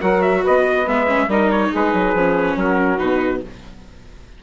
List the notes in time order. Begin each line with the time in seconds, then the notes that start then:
0.00 F#3 F#4 A#4 F#5
0.22 E5
0.43 B3 B4 D#5
0.87 G#3 B3 E5
1.07 C#4
1.28 G3 D#4 A#4 D#5
1.52 C#5
1.71 G#3 G#4 B4
1.94 F#3
2.15 F3 C#4
2.56 F#3 F#4 A#4
2.98 B2 D#4 B4